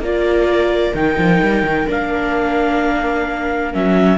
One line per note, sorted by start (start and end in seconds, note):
0.00 0.93 A#3
0.00 0.95 F4
0.00 4.18 A#4
0.00 0.95 D5
0.94 1.17 D#3
0.94 1.88 D#4
0.94 1.88 G5
1.18 1.41 F3
1.43 1.63 G3
1.63 1.86 D#3
1.88 3.75 A#3
1.88 3.73 D4
1.88 3.74 F5
3.73 4.18 F#3
3.73 4.18 C#4
3.73 4.18 E5